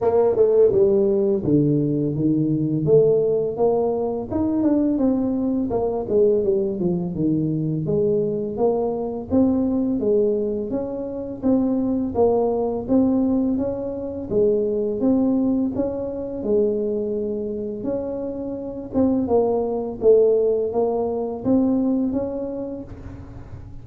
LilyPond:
\new Staff \with { instrumentName = "tuba" } { \time 4/4 \tempo 4 = 84 ais8 a8 g4 d4 dis4 | a4 ais4 dis'8 d'8 c'4 | ais8 gis8 g8 f8 dis4 gis4 | ais4 c'4 gis4 cis'4 |
c'4 ais4 c'4 cis'4 | gis4 c'4 cis'4 gis4~ | gis4 cis'4. c'8 ais4 | a4 ais4 c'4 cis'4 | }